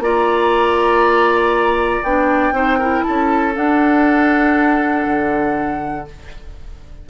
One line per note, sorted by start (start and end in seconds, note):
0.00 2.02 A#3
0.00 2.04 F4
0.00 2.55 D5
0.00 2.04 A#5
2.03 2.52 B3
2.03 2.54 D4
2.03 3.04 G5
2.52 3.02 C4
2.52 2.79 D#4
2.52 2.79 C5
2.79 3.54 E4
2.79 3.04 A#4
3.04 3.57 C#4
3.04 6.10 A4
3.04 3.54 A5
3.54 6.06 D4
3.54 5.06 D4
3.54 6.08 F#5
5.06 6.07 D3